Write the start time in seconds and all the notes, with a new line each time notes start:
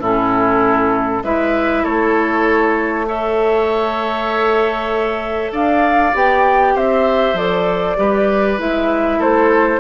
0.00 A2 C#4 E4 A4
1.24 G#3 E4 B4 E5
1.84 A3 A4 C#5
3.07 A4 C#5 E5
5.52 D4 D5 F5
6.14 B3 G4 G5
6.75 C4 C5 E5
7.34 F3 A4 D5
7.97 G3 G4 B4
8.59 G#3 E4 E5
9.19 A3 A4 C5